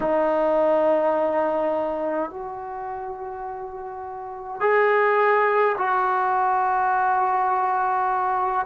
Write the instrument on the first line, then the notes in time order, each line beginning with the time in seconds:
trombone
0.00 D#4
2.30 F#4
4.60 G#4
5.77 F#4